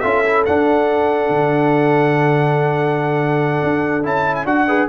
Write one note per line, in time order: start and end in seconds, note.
0.00 0.46 C#4
0.00 0.24 F4
0.00 4.65 A4
0.00 0.42 E5
0.25 0.46 E4
0.45 4.03 D4
0.45 1.29 D4
0.45 4.04 F#5
1.29 3.61 D3
3.63 4.04 D4
4.03 4.44 C#4
4.03 4.45 E4
4.03 4.35 A5
4.35 4.45 G#5
4.44 4.86 D4
4.44 4.66 F#4
4.44 4.88 F#5
4.67 4.88 G#4
4.67 4.88 B4